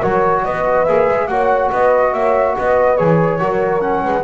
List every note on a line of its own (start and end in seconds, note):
0.00 0.46 F#3
0.00 0.87 F#4
0.00 0.42 A#4
0.00 0.45 C#5
0.45 0.88 B3
0.45 1.29 B4
0.45 0.85 D#5
0.85 1.08 A#3
0.85 1.30 G#4
0.85 1.27 E5
1.08 1.28 G#3
1.27 1.70 A#3
1.27 2.98 F#4
1.27 1.71 C#5
1.27 1.69 F#5
1.71 2.13 B3
1.71 2.13 B4
1.71 2.14 D#5
2.13 2.56 A#3
2.13 2.56 C#5
2.13 2.56 E5
2.56 3.00 B3
2.56 3.41 B4
2.56 2.97 D#5
2.97 3.41 E3
2.97 3.40 G#4
2.97 3.81 C#5
3.40 4.04 F#3
3.40 3.80 F#4
3.40 4.03 A#4
3.80 4.23 C#4
3.80 4.24 F#5
4.03 4.24 G#3
4.03 4.24 B4